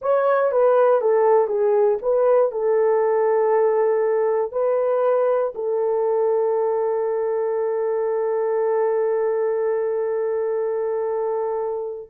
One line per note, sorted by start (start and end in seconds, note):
0.01 0.51 C#5
0.51 1.01 B4
1.01 1.47 A4
1.47 1.98 G#4
2.02 2.51 B4
2.51 4.52 A4
4.52 5.53 B4
5.54 12.09 A4